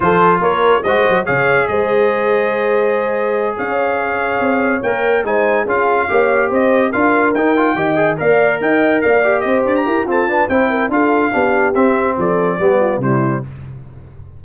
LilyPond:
<<
  \new Staff \with { instrumentName = "trumpet" } { \time 4/4 \tempo 4 = 143 c''4 cis''4 dis''4 f''4 | dis''1~ | dis''8 f''2. g''8~ | g''8 gis''4 f''2 dis''8~ |
dis''8 f''4 g''2 f''8~ | f''8 g''4 f''4 dis''8 d''16 ais''8. | a''4 g''4 f''2 | e''4 d''2 c''4 | }
  \new Staff \with { instrumentName = "horn" } { \time 4/4 a'4 ais'4 c''4 cis''4 | c''1~ | c''8 cis''2.~ cis''8~ | cis''8 c''4 gis'4 cis''4 c''8~ |
c''8 ais'2 dis''4 d''8~ | d''8 dis''4 d''4 c''4 ais'8 | a'8 b'8 c''8 ais'8 a'4 g'4~ | g'4 a'4 g'8 f'8 e'4 | }
  \new Staff \with { instrumentName = "trombone" } { \time 4/4 f'2 fis'4 gis'4~ | gis'1~ | gis'2.~ gis'8 ais'8~ | ais'8 dis'4 f'4 g'4.~ |
g'8 f'4 dis'8 f'8 g'8 gis'8 ais'8~ | ais'2 g'2 | c'8 d'8 e'4 f'4 d'4 | c'2 b4 g4 | }
  \new Staff \with { instrumentName = "tuba" } { \time 4/4 f4 ais4 gis8 fis8 cis4 | gis1~ | gis8 cis'2 c'4 ais8~ | ais8 gis4 cis'4 ais4 c'8~ |
c'8 d'4 dis'4 dis4 ais8~ | ais8 dis'4 ais4 c'8 d'8 e'8 | f'4 c'4 d'4 b4 | c'4 f4 g4 c4 | }
>>